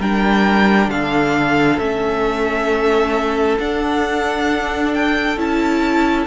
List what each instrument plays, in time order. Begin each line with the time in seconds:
0.00 cello G3, viola D4, violin A#4 G5
0.88 cello D3, violin A4 F5
1.79 cello A3, viola C#4, violin E5
3.59 cello D4, viola D4, violin F#5
4.94 violin G5
5.37 cello C#4, viola E4, violin A5